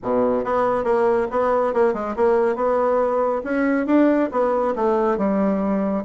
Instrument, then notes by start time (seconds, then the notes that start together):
bassoon
0.02 B2
0.44 B3
0.83 A#3
1.30 B3
1.73 A#3
1.93 G#3
2.16 A#3
2.55 B3
3.44 C#4
3.86 D4
4.31 B3
4.75 A3
5.17 G3